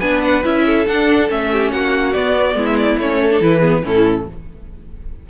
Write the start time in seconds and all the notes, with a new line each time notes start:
0.00 B3 D4 B4 G#5
0.23 F#5
0.44 C#4 E4 E5
0.66 A4
0.87 D4 F#5
1.29 A3 C#4 E5
1.52 G4
1.71 A#3 F#4 F#5
2.13 B3 D5
2.54 G#3 E4
2.66 E5
2.77 D5
2.98 A3 C#4 C#5
3.22 A4
3.31 D4
3.41 E3 E4 B4
3.60 B3 G#4
3.83 A2 C#4 E4 A4